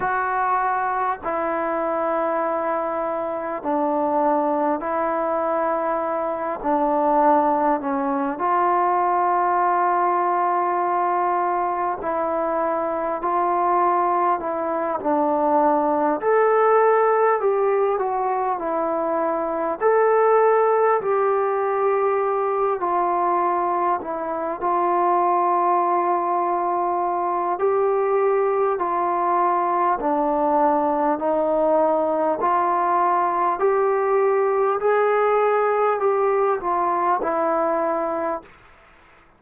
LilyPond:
\new Staff \with { instrumentName = "trombone" } { \time 4/4 \tempo 4 = 50 fis'4 e'2 d'4 | e'4. d'4 cis'8 f'4~ | f'2 e'4 f'4 | e'8 d'4 a'4 g'8 fis'8 e'8~ |
e'8 a'4 g'4. f'4 | e'8 f'2~ f'8 g'4 | f'4 d'4 dis'4 f'4 | g'4 gis'4 g'8 f'8 e'4 | }